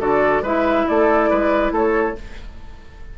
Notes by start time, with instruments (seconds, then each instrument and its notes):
0.00 bassoon D3, clarinet F#4, oboe A4, flute D5
0.42 bassoon G#3, clarinet E4, oboe B4, flute E5
0.87 bassoon A3, oboe A4, flute D5
1.30 bassoon G#3, oboe B4
1.71 bassoon A3, oboe A4, flute C#5